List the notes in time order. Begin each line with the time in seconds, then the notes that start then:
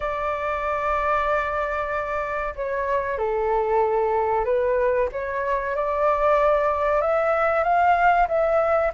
0.00 D5
2.55 C#5
3.17 A4
4.44 B4
5.12 C#5
5.75 D5
7.01 E5
7.63 F5
8.28 E5